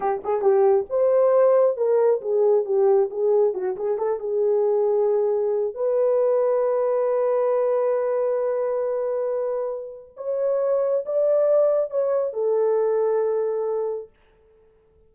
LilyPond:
\new Staff \with { instrumentName = "horn" } { \time 4/4 \tempo 4 = 136 g'8 gis'8 g'4 c''2 | ais'4 gis'4 g'4 gis'4 | fis'8 gis'8 a'8 gis'2~ gis'8~ | gis'4 b'2.~ |
b'1~ | b'2. cis''4~ | cis''4 d''2 cis''4 | a'1 | }